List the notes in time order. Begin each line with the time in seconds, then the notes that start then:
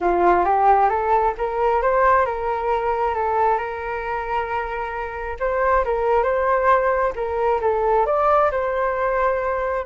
0.00 F4
0.44 G4
0.89 A4
1.37 A#4
1.82 C5
2.25 A#4
3.14 A4
3.57 A#4
5.39 C5
5.85 A#4
6.23 C5
7.15 A#4
7.61 A4
8.06 D5
8.51 C5